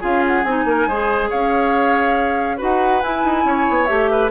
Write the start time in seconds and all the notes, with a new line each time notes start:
0.00 C#4 F4 G#4 F5
0.27 F#5
0.43 C4 D#4 G#5
0.65 A#3 A#4
0.87 G#3 G#4 C5
1.29 C#4 C#5 F5
2.57 D#4 F#4 B4 F#5
3.01 E4 G#5
3.24 D#4
3.44 C#4 C#5
3.69 B3
3.86 A3 G4 E5
4.11 B4